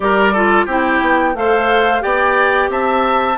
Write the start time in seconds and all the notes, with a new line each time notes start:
0.00 G3 G4 A#4 D5
0.32 F4 A4
0.65 C4 E4 G4 G5
1.00 B3
1.34 A3 A4 C5 F5
2.00 B3 G4 D5 G5
2.69 C4 E5 A5